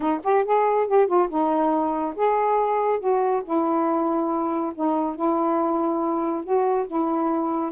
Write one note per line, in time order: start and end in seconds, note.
0.00 0.20 D#4
0.23 0.44 G4
0.44 0.87 G#4
0.87 1.07 G4
1.07 1.28 F4
1.29 2.14 D#4
2.15 2.99 G#4
2.99 3.42 F#4
3.44 4.72 E4
4.75 5.15 D#4
5.15 6.44 E4
6.44 6.86 F#4
6.87 7.71 E4